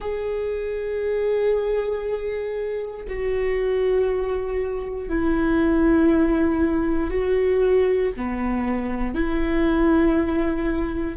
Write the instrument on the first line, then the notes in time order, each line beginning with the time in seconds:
viola
0.00 G#4
3.07 F#4
5.08 E4
7.10 F#4
8.16 B3
9.14 E4